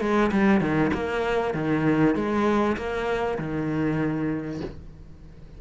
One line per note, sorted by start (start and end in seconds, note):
0.00 0.31 G#3
0.31 0.60 G3
0.60 0.91 D#3
0.93 1.54 A#3
1.54 2.15 D#3
2.15 2.76 G#3
2.76 3.38 A#3
3.38 4.61 D#3